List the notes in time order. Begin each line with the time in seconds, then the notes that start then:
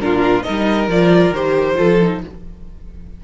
0.00 A#2 D4 F4 A#4
0.43 G3 D#4 A#4 D#5
0.88 F3 F4 D5
1.31 D#3 G4 C5
1.76 F3 F4 A4
2.02 D#4